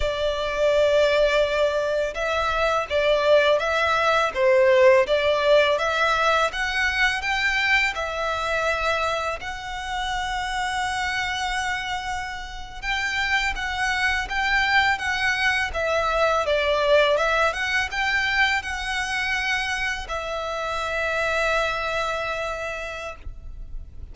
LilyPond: \new Staff \with { instrumentName = "violin" } { \time 4/4 \tempo 4 = 83 d''2. e''4 | d''4 e''4 c''4 d''4 | e''4 fis''4 g''4 e''4~ | e''4 fis''2.~ |
fis''4.~ fis''16 g''4 fis''4 g''16~ | g''8. fis''4 e''4 d''4 e''16~ | e''16 fis''8 g''4 fis''2 e''16~ | e''1 | }